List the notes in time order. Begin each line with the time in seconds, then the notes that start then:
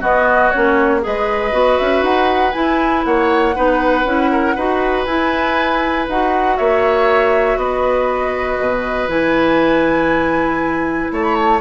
0.00 B3 F#4 D#5
0.50 A#3 C#4 C#5
1.01 G#3 G#4 B4 D#5
1.52 B3 F#4
1.78 C#4 E5
2.02 D#4 F#5
2.52 E4 G#5
3.05 A#3 C#5 F#5
3.55 B3 D#4 B4
4.04 C#4 E4
4.31 A#4
4.55 D#4 F#4 B4
5.05 E4 G#5
6.08 D#4 F#4 F#5
6.57 A#3 C#5 E5
7.56 B3 B4 D#5
8.59 B2
9.08 E3 E4 G#5
11.11 A3 C#5 A5
11.23 B5
11.34 A5